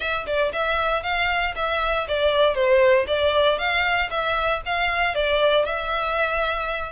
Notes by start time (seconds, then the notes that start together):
0.00 E5
0.26 D5
0.52 E5
1.03 F5
1.55 E5
2.08 D5
2.54 C5
3.07 D5
3.58 F5
4.10 E5
4.65 F5
5.14 D5
5.65 E5